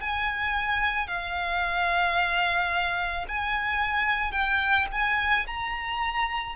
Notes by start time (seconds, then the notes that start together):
0.00 G#5
1.08 F5
3.28 G#5
4.32 G5
4.92 G#5
5.46 A#5